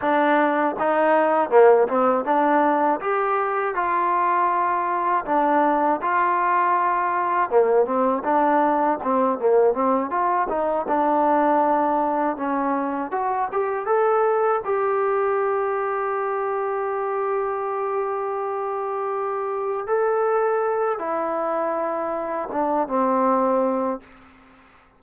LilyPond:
\new Staff \with { instrumentName = "trombone" } { \time 4/4 \tempo 4 = 80 d'4 dis'4 ais8 c'8 d'4 | g'4 f'2 d'4 | f'2 ais8 c'8 d'4 | c'8 ais8 c'8 f'8 dis'8 d'4.~ |
d'8 cis'4 fis'8 g'8 a'4 g'8~ | g'1~ | g'2~ g'8 a'4. | e'2 d'8 c'4. | }